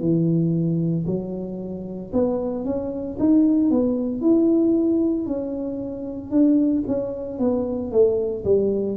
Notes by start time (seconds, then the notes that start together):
0.00 E3
1.06 F#3
2.12 B3
2.65 C#4
3.19 D#4
3.70 B3
4.21 E4
5.26 C#4
6.31 D4
6.87 C#4
7.39 B3
7.91 A3
8.44 G3